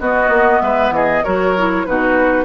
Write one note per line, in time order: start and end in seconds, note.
0.00 0.29 B3
0.00 1.25 B3
0.00 0.62 F#4
0.00 0.60 D#5
0.29 0.60 A#3
0.60 0.91 G#3
0.60 0.94 B4
0.60 0.91 E5
0.91 1.22 E3
0.91 1.24 G#4
0.91 1.24 D#5
1.24 1.87 F#3
1.24 1.56 F#4
1.24 1.86 A#4
1.24 1.86 C#5
1.58 1.87 E4
1.86 2.45 B2
1.86 2.45 D#4
1.86 2.45 F#4
1.86 2.45 B4